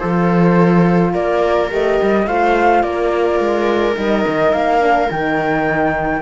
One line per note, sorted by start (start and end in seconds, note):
0.00 1.15 F3
0.00 1.70 F4
0.00 1.13 A4
0.00 1.13 C5
1.14 1.72 A#3
1.14 2.27 A#4
1.14 1.71 D5
1.70 2.00 A3
1.70 2.27 G4
1.70 2.28 D#5
2.02 2.27 G3
2.27 2.84 A3
2.27 3.96 F4
2.27 2.84 C5
2.27 2.83 F5
2.83 3.40 A#3
2.83 6.22 A#4
2.83 3.96 D5
3.40 3.97 G#3
3.96 4.25 G3
3.96 4.80 D#4
3.96 4.53 D#5
4.28 4.53 D#3
4.53 5.10 A#3
4.53 5.09 F5
4.80 5.08 D4
5.10 6.22 D#3
5.10 6.22 D#4
5.10 6.22 G5